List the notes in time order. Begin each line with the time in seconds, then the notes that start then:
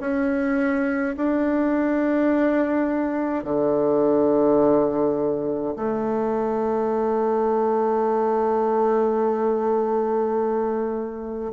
0.00 C#4
1.16 D4
3.44 D3
5.75 A3